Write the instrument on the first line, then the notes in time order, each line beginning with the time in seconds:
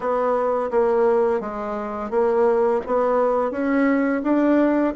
bassoon
0.00 B3
0.71 A#3
1.40 G#3
2.10 A#3
2.86 B3
3.51 C#4
4.23 D4